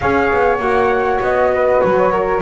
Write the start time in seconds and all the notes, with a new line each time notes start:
0.00 C#4 G#4 C#5 F5
0.32 B3
0.58 A#3 F#4 F#5
1.20 B3 D#5
1.54 B4
1.80 F#3 C#5
2.11 A#4